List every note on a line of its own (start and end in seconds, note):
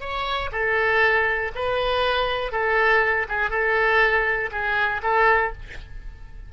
0.00 0.50 C#5
0.51 1.51 A4
1.55 2.51 B4
2.51 3.26 A4
3.28 3.50 G#4
3.50 4.50 A4
4.51 5.01 G#4
5.02 5.52 A4